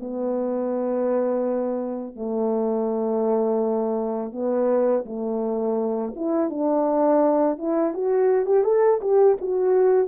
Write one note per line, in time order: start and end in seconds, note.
0.00 2.16 B3
2.16 4.32 A3
4.32 5.04 B3
5.06 6.14 A3
6.16 6.50 E4
6.50 7.58 D4
7.58 7.94 E4
7.94 8.46 F#4
8.46 8.64 G4
8.64 9.00 A4
9.01 9.37 G4
9.41 10.08 F#4